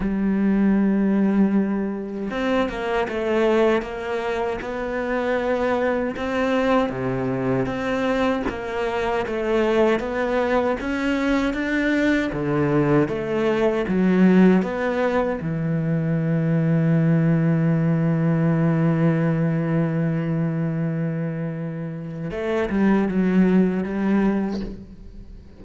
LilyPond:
\new Staff \with { instrumentName = "cello" } { \time 4/4 \tempo 4 = 78 g2. c'8 ais8 | a4 ais4 b2 | c'4 c4 c'4 ais4 | a4 b4 cis'4 d'4 |
d4 a4 fis4 b4 | e1~ | e1~ | e4 a8 g8 fis4 g4 | }